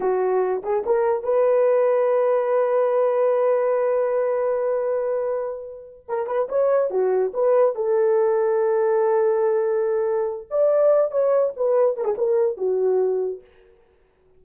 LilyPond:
\new Staff \with { instrumentName = "horn" } { \time 4/4 \tempo 4 = 143 fis'4. gis'8 ais'4 b'4~ | b'1~ | b'1~ | b'2~ b'8 ais'8 b'8 cis''8~ |
cis''8 fis'4 b'4 a'4.~ | a'1~ | a'4 d''4. cis''4 b'8~ | b'8 ais'16 gis'16 ais'4 fis'2 | }